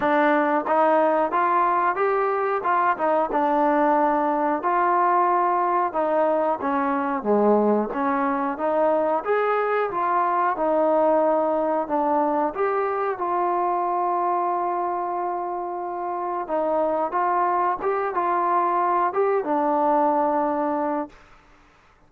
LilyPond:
\new Staff \with { instrumentName = "trombone" } { \time 4/4 \tempo 4 = 91 d'4 dis'4 f'4 g'4 | f'8 dis'8 d'2 f'4~ | f'4 dis'4 cis'4 gis4 | cis'4 dis'4 gis'4 f'4 |
dis'2 d'4 g'4 | f'1~ | f'4 dis'4 f'4 g'8 f'8~ | f'4 g'8 d'2~ d'8 | }